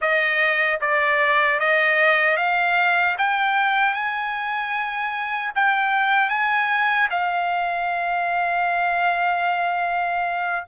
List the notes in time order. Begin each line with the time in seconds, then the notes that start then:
0.01 D#5
0.80 D5
1.59 D#5
2.36 F5
3.18 G5
3.93 G#5
5.55 G5
6.29 G#5
7.10 F5